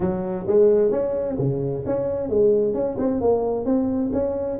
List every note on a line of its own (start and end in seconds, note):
0.00 0.46 F#3
0.47 0.91 G#3
0.91 1.36 C#4
1.38 1.84 C#3
1.85 2.29 C#4
2.29 2.74 G#3
2.74 2.96 C#4
2.98 3.20 C4
3.20 3.65 A#3
3.65 4.11 C4
4.12 4.58 C#4